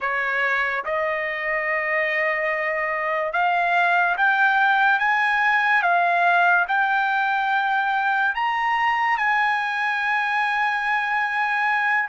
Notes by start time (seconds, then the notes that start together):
0.00 C#5
0.84 D#5
3.32 F5
4.17 G5
4.98 G#5
5.82 F5
6.68 G5
8.34 A#5
9.17 G#5